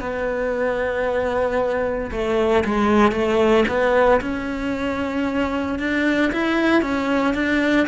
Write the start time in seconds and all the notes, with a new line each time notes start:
0.00 B3
2.11 A3
2.65 G#3
3.12 A3
3.68 B3
4.21 C#4
5.79 D4
6.33 E4
6.82 C#4
7.34 D4